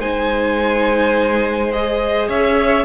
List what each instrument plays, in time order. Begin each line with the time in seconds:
0.00 cello G#3, viola D#4, violin C5 G#5
1.72 viola G#4, violin D#5
2.28 cello C#4, violin C#5 E5